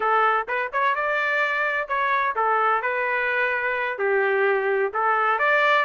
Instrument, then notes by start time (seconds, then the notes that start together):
trumpet
0.00 A4
0.48 B4
0.72 C#5
0.95 D5
1.87 C#5
2.35 A4
2.82 B4
3.98 G4
4.93 A4
5.39 D5